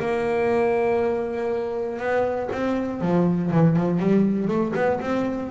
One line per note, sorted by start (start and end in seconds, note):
0.00 2.00 A#3
2.00 2.50 B3
2.52 3.01 C4
3.01 3.51 F3
3.52 3.77 E3
3.77 4.00 F3
4.00 4.48 G3
4.48 4.73 A3
4.75 5.00 B3
5.01 5.51 C4